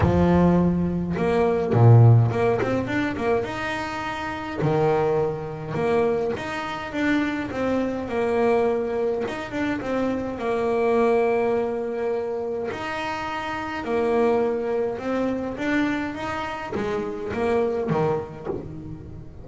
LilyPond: \new Staff \with { instrumentName = "double bass" } { \time 4/4 \tempo 4 = 104 f2 ais4 ais,4 | ais8 c'8 d'8 ais8 dis'2 | dis2 ais4 dis'4 | d'4 c'4 ais2 |
dis'8 d'8 c'4 ais2~ | ais2 dis'2 | ais2 c'4 d'4 | dis'4 gis4 ais4 dis4 | }